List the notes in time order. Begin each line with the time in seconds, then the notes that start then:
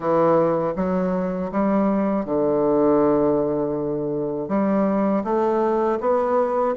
0.00 E3
0.76 F#3
1.51 G3
2.25 D3
4.48 G3
5.23 A3
6.00 B3